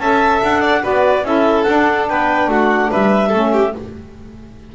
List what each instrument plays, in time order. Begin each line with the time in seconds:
0.00 double bass C#4, saxophone A4, violin E5, clarinet A5
0.43 double bass D4, clarinet F#5
0.61 violin D5
0.81 double bass B3, saxophone F#4, violin B4, clarinet D5
1.24 double bass C#4, saxophone E4, violin A4, clarinet E5
1.64 saxophone D4, double bass D4, clarinet F#5
2.09 double bass B3, violin B4, clarinet G5
2.48 double bass A3, violin F#4, clarinet F#5
2.91 double bass G3, violin B4, clarinet E5
3.29 double bass A3, saxophone C#4, violin A4
3.53 violin G4